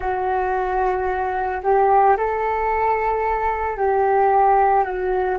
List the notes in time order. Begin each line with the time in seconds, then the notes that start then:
0.00 F#4
1.63 G4
2.17 A4
3.77 G4
4.84 F#4